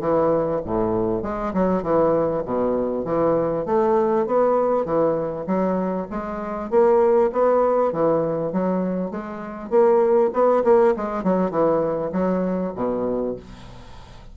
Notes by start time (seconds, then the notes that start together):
0.00 E3
0.65 A2
1.22 G#3
1.53 F#3
1.82 E3
2.45 B2
3.05 E3
3.66 A3
4.26 B3
4.85 E3
5.46 F#3
6.10 G#3
6.70 A#3
7.32 B3
7.92 E3
8.52 F#3
9.10 G#3
9.70 A#3
10.33 B3
10.64 A#3
10.96 G#3
11.23 F#3
11.50 E3
12.12 F#3
12.75 B2